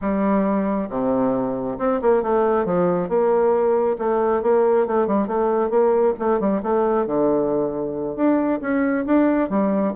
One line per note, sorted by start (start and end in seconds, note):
0.01 0.89 G3
0.89 1.77 C3
1.78 2.00 C4
2.01 2.22 A#3
2.22 2.65 A3
2.65 3.08 F3
3.08 3.97 A#3
3.98 4.42 A3
4.42 4.86 A#3
4.86 5.07 A3
5.07 5.27 G3
5.27 5.70 A3
5.70 6.14 A#3
6.19 6.40 A3
6.40 6.62 G3
6.63 7.06 A3
7.06 8.15 D3
8.15 8.59 D4
8.61 9.05 C#4
9.05 9.49 D4
9.49 9.93 G3